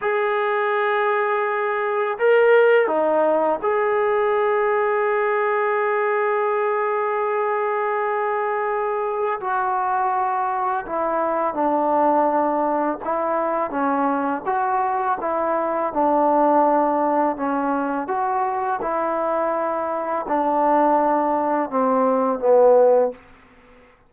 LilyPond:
\new Staff \with { instrumentName = "trombone" } { \time 4/4 \tempo 4 = 83 gis'2. ais'4 | dis'4 gis'2.~ | gis'1~ | gis'4 fis'2 e'4 |
d'2 e'4 cis'4 | fis'4 e'4 d'2 | cis'4 fis'4 e'2 | d'2 c'4 b4 | }